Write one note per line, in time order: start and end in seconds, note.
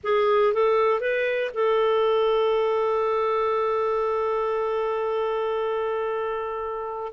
0.03 0.53 G#4
0.53 1.00 A4
1.00 1.51 B4
1.54 7.12 A4